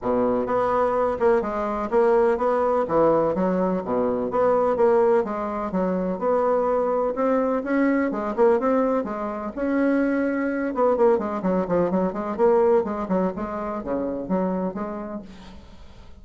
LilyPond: \new Staff \with { instrumentName = "bassoon" } { \time 4/4 \tempo 4 = 126 b,4 b4. ais8 gis4 | ais4 b4 e4 fis4 | b,4 b4 ais4 gis4 | fis4 b2 c'4 |
cis'4 gis8 ais8 c'4 gis4 | cis'2~ cis'8 b8 ais8 gis8 | fis8 f8 fis8 gis8 ais4 gis8 fis8 | gis4 cis4 fis4 gis4 | }